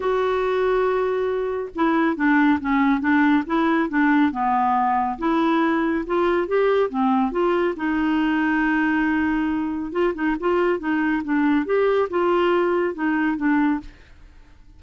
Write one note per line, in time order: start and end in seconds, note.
0.00 1.69 F#4
1.75 2.16 E4
2.16 2.59 D4
2.60 3.00 C#4
3.00 3.43 D4
3.46 3.89 E4
3.89 4.31 D4
4.31 5.18 B3
5.18 6.04 E4
6.06 6.47 F4
6.47 6.89 G4
6.89 7.31 C4
7.31 7.74 F4
7.76 9.92 D#4
9.92 10.13 F4
10.14 10.35 D#4
10.39 10.79 F4
10.79 11.22 D#4
11.24 11.65 D4
11.65 12.08 G4
12.10 12.94 F4
12.94 13.37 D#4
13.37 13.80 D4